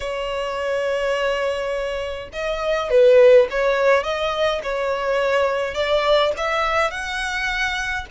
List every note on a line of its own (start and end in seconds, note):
0.00 2.29 C#5
2.33 2.90 D#5
2.90 3.47 B4
3.50 4.03 C#5
4.03 4.61 D#5
4.63 5.74 C#5
5.74 6.32 D5
6.37 6.90 E5
6.90 8.06 F#5